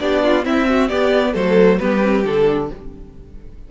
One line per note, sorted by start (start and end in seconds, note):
0.00 0.45 B3
0.00 0.43 D4
0.00 0.24 G4
0.00 0.45 D5
0.24 0.45 F4
0.43 0.88 C4
0.43 0.91 C4
0.43 0.68 E4
0.43 0.89 E5
0.69 0.90 F#4
0.89 1.34 B3
0.89 1.35 B3
0.89 1.33 G4
0.89 1.34 D5
1.33 1.80 F#3
1.33 1.79 A3
1.33 1.78 A4
1.33 1.79 C5
1.79 2.25 G3
1.79 2.02 B3
1.79 2.71 G4
1.79 2.24 B4
2.02 2.24 C4
2.25 2.70 D3
2.25 2.71 D4
2.25 2.71 A4